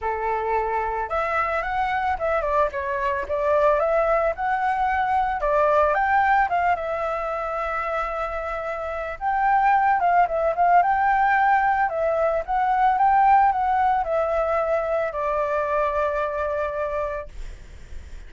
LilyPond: \new Staff \with { instrumentName = "flute" } { \time 4/4 \tempo 4 = 111 a'2 e''4 fis''4 | e''8 d''8 cis''4 d''4 e''4 | fis''2 d''4 g''4 | f''8 e''2.~ e''8~ |
e''4 g''4. f''8 e''8 f''8 | g''2 e''4 fis''4 | g''4 fis''4 e''2 | d''1 | }